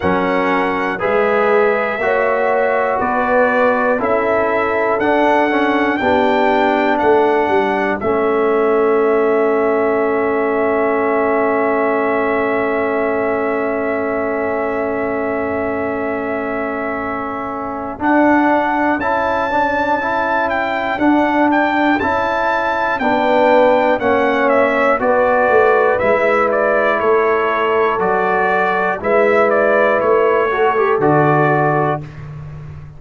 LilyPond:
<<
  \new Staff \with { instrumentName = "trumpet" } { \time 4/4 \tempo 4 = 60 fis''4 e''2 d''4 | e''4 fis''4 g''4 fis''4 | e''1~ | e''1~ |
e''2 fis''4 a''4~ | a''8 g''8 fis''8 g''8 a''4 g''4 | fis''8 e''8 d''4 e''8 d''8 cis''4 | d''4 e''8 d''8 cis''4 d''4 | }
  \new Staff \with { instrumentName = "horn" } { \time 4/4 ais'4 b'4 cis''4 b'4 | a'2 g'4 a'4~ | a'1~ | a'1~ |
a'1~ | a'2. b'4 | cis''4 b'2 a'4~ | a'4 b'4. a'4. | }
  \new Staff \with { instrumentName = "trombone" } { \time 4/4 cis'4 gis'4 fis'2 | e'4 d'8 cis'8 d'2 | cis'1~ | cis'1~ |
cis'2 d'4 e'8 d'8 | e'4 d'4 e'4 d'4 | cis'4 fis'4 e'2 | fis'4 e'4. fis'16 g'16 fis'4 | }
  \new Staff \with { instrumentName = "tuba" } { \time 4/4 fis4 gis4 ais4 b4 | cis'4 d'4 b4 a8 g8 | a1~ | a1~ |
a2 d'4 cis'4~ | cis'4 d'4 cis'4 b4 | ais4 b8 a8 gis4 a4 | fis4 gis4 a4 d4 | }
>>